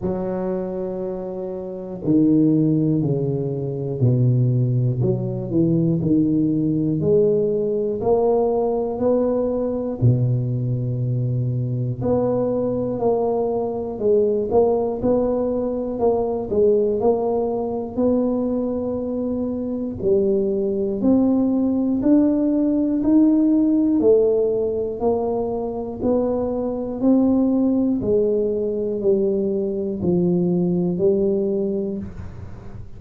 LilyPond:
\new Staff \with { instrumentName = "tuba" } { \time 4/4 \tempo 4 = 60 fis2 dis4 cis4 | b,4 fis8 e8 dis4 gis4 | ais4 b4 b,2 | b4 ais4 gis8 ais8 b4 |
ais8 gis8 ais4 b2 | g4 c'4 d'4 dis'4 | a4 ais4 b4 c'4 | gis4 g4 f4 g4 | }